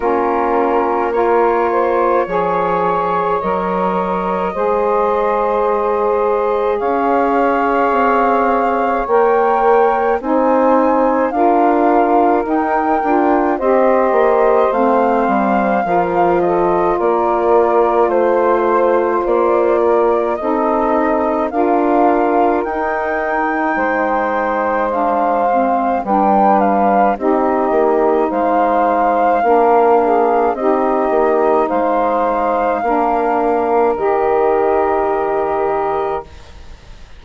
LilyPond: <<
  \new Staff \with { instrumentName = "flute" } { \time 4/4 \tempo 4 = 53 ais'4 cis''2 dis''4~ | dis''2 f''2 | g''4 gis''4 f''4 g''4 | dis''4 f''4. dis''8 d''4 |
c''4 d''4 dis''4 f''4 | g''2 f''4 g''8 f''8 | dis''4 f''2 dis''4 | f''2 dis''2 | }
  \new Staff \with { instrumentName = "saxophone" } { \time 4/4 f'4 ais'8 c''8 cis''2 | c''2 cis''2~ | cis''4 c''4 ais'2 | c''2 ais'8 a'8 ais'4 |
c''4. ais'8 a'4 ais'4~ | ais'4 c''2 b'4 | g'4 c''4 ais'8 gis'8 g'4 | c''4 ais'2. | }
  \new Staff \with { instrumentName = "saxophone" } { \time 4/4 cis'4 f'4 gis'4 ais'4 | gis'1 | ais'4 dis'4 f'4 dis'8 f'8 | g'4 c'4 f'2~ |
f'2 dis'4 f'4 | dis'2 d'8 c'8 d'4 | dis'2 d'4 dis'4~ | dis'4 d'4 g'2 | }
  \new Staff \with { instrumentName = "bassoon" } { \time 4/4 ais2 f4 fis4 | gis2 cis'4 c'4 | ais4 c'4 d'4 dis'8 d'8 | c'8 ais8 a8 g8 f4 ais4 |
a4 ais4 c'4 d'4 | dis'4 gis2 g4 | c'8 ais8 gis4 ais4 c'8 ais8 | gis4 ais4 dis2 | }
>>